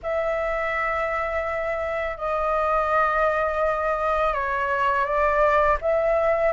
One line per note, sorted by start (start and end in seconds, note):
0.03 2.17 E5
2.17 4.33 D#5
4.33 5.05 C#5
5.05 5.77 D5
5.81 6.53 E5